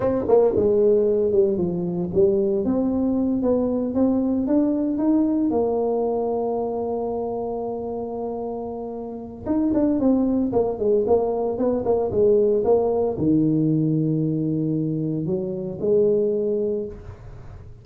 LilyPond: \new Staff \with { instrumentName = "tuba" } { \time 4/4 \tempo 4 = 114 c'8 ais8 gis4. g8 f4 | g4 c'4. b4 c'8~ | c'8 d'4 dis'4 ais4.~ | ais1~ |
ais2 dis'8 d'8 c'4 | ais8 gis8 ais4 b8 ais8 gis4 | ais4 dis2.~ | dis4 fis4 gis2 | }